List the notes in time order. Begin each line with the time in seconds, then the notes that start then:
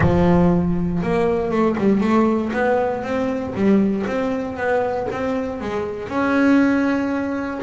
0.00 F3
1.02 A#3
1.50 A3
1.78 G3
2.00 A3
2.53 B3
3.03 C4
3.54 G3
4.06 C4
4.56 B3
5.11 C4
5.60 G#3
6.08 C#4